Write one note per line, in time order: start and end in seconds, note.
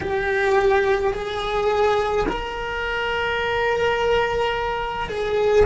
0.01 1.12 G4
1.12 2.25 G#4
2.28 5.09 A#4
5.09 5.66 G#4